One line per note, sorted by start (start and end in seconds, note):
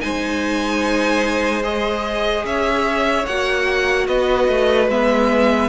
0.00 2.44 G#3
0.00 1.62 D#4
0.00 2.45 C5
0.00 1.62 G#5
1.63 3.25 G#4
1.63 2.45 D#5
2.44 3.25 C#4
2.44 4.07 C#5
2.44 3.26 E5
3.26 4.07 A#3
3.26 4.91 F#4
3.26 4.07 F#5
4.07 4.48 B3
4.07 5.69 B4
4.07 4.88 D#5
4.48 4.87 A3
4.87 5.69 G#3
4.87 5.69 B3
4.87 5.69 E5